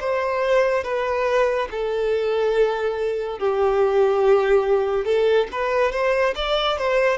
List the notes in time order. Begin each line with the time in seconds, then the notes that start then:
0.00 C5
0.84 B4
1.71 A4
3.39 G4
5.05 A4
5.52 B4
5.92 C5
6.35 D5
6.78 C5